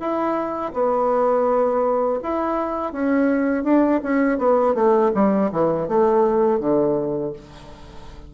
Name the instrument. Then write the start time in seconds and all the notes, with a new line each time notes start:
bassoon
0.00 E4
0.74 B3
2.23 E4
2.93 C#4
3.65 D4
4.03 C#4
4.39 B3
4.75 A3
5.15 G3
5.52 E3
5.89 A3
6.60 D3